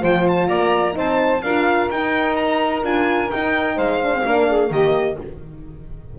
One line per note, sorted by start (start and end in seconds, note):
0.00 0.49 F3
0.00 0.93 F4
0.00 0.47 C5
0.00 0.27 G5
0.28 0.48 A5
0.47 0.96 A#3
0.47 0.94 D5
0.47 0.95 A#5
0.93 1.43 C4
0.93 1.40 D#4
0.93 1.43 C5
0.93 1.42 A5
1.42 1.89 D4
1.42 1.92 F4
1.42 3.75 A#4
1.42 1.89 F5
1.90 2.83 D#4
1.90 2.36 G5
2.36 2.83 A#5
2.83 3.30 D4
2.83 3.30 F4
2.83 3.31 G#5
3.31 4.03 D#4
3.31 3.77 D#4
3.31 3.78 G5
3.75 4.24 G#3
3.75 4.22 C5
3.75 4.72 F5
4.03 4.14 D4
4.14 4.25 C4
4.25 4.70 A#3
4.25 4.70 D4
4.25 4.48 A#4
4.48 4.71 G#4
4.70 5.17 D#3
4.70 5.17 A#3
4.70 5.18 G4
4.70 5.19 D#5